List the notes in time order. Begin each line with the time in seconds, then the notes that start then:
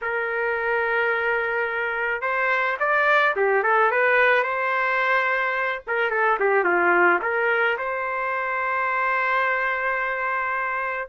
0.01 A#4
2.21 C5
2.79 D5
3.36 G4
3.63 A4
3.91 B4
4.43 C5
5.87 A#4
6.10 A4
6.39 G4
6.64 F4
7.22 A#4
7.78 C5